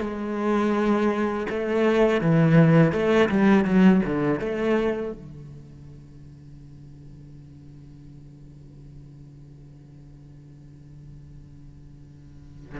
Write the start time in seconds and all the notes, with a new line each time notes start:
0.00 G#3
1.49 A3
2.21 E3
2.92 A3
3.29 G3
3.65 F#3
4.05 D3
4.39 A3
5.12 D3